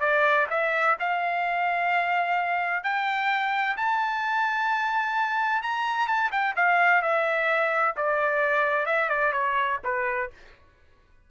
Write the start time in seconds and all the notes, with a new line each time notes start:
0.00 D5
0.50 E5
1.00 F5
2.84 G5
3.77 A5
5.62 A#5
6.07 A5
6.31 G5
6.56 F5
7.02 E5
7.96 D5
8.86 E5
9.09 D5
9.32 C#5
9.84 B4